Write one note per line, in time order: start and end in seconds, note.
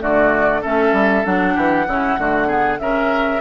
0.00 0.63 D3
0.00 0.62 A3
0.00 0.61 F#4
0.00 0.63 D5
0.61 0.92 A3
0.61 1.24 C#4
0.61 1.54 A4
0.61 1.25 E5
0.92 1.23 G3
1.24 1.56 F#3
1.24 1.86 D4
1.24 2.79 F#5
1.55 1.87 E3
1.55 1.85 G4
1.87 2.18 C#3
1.87 2.19 C#4
1.87 2.19 E4
2.18 2.79 D3
2.18 2.47 A3
2.18 2.47 F#4
2.47 2.78 B3
2.47 2.78 G#4
2.79 3.41 C#3
2.79 3.41 C#4
2.79 3.41 A#4
2.79 3.41 E5